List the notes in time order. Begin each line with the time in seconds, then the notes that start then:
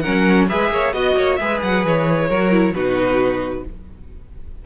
0.00 C#4 A#4 F#5
0.06 F#3
0.48 G#3 G#4 B4 E5
0.70 A#3 C#5
0.93 B3 F#4 D#5
1.17 A#3 C#5
1.36 G#3 G#4 B4 E5
1.62 F#3 F#5
1.84 E3 C#5
2.28 F#3 F#4 A#4
2.51 E4
2.73 B2 D#4 F#4 B4